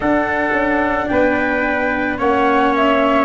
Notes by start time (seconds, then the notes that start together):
0.00 D4 A4 F#5
0.51 C#4
1.07 B3 B4 G5
2.18 A#3 C#4 C#5 F#5
2.76 E5